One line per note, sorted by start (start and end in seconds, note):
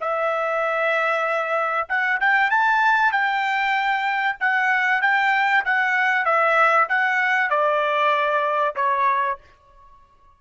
0.00 1.88 E5
1.88 2.20 F#5
2.20 2.50 G5
2.50 3.12 A5
3.12 4.37 G5
4.40 5.01 F#5
5.01 5.64 G5
5.65 6.25 F#5
6.25 6.88 E5
6.88 7.50 F#5
7.50 8.75 D5
8.75 9.38 C#5